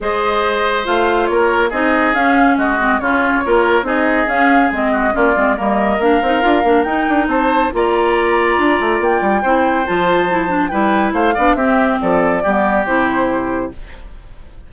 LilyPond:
<<
  \new Staff \with { instrumentName = "flute" } { \time 4/4 \tempo 4 = 140 dis''2 f''4 cis''4 | dis''4 f''4 dis''4 cis''4~ | cis''4 dis''4 f''4 dis''4 | d''4 dis''4 f''2 |
g''4 a''4 ais''2~ | ais''4 g''2 a''4~ | a''4 g''4 f''4 e''4 | d''2 c''2 | }
  \new Staff \with { instrumentName = "oboe" } { \time 4/4 c''2. ais'4 | gis'2 fis'4 f'4 | ais'4 gis'2~ gis'8 fis'8 | f'4 ais'2.~ |
ais'4 c''4 d''2~ | d''2 c''2~ | c''4 b'4 c''8 d''8 g'4 | a'4 g'2. | }
  \new Staff \with { instrumentName = "clarinet" } { \time 4/4 gis'2 f'2 | dis'4 cis'4. c'8 cis'4 | f'4 dis'4 cis'4 c'4 | cis'8 c'8 ais4 d'8 dis'8 f'8 d'8 |
dis'2 f'2~ | f'2 e'4 f'4 | e'8 d'8 e'4. d'8 c'4~ | c'4 b4 e'2 | }
  \new Staff \with { instrumentName = "bassoon" } { \time 4/4 gis2 a4 ais4 | c'4 cis'4 gis4 cis4 | ais4 c'4 cis'4 gis4 | ais8 gis8 g4 ais8 c'8 d'8 ais8 |
dis'8 d'8 c'4 ais2 | d'8 a8 ais8 g8 c'4 f4~ | f4 g4 a8 b8 c'4 | f4 g4 c2 | }
>>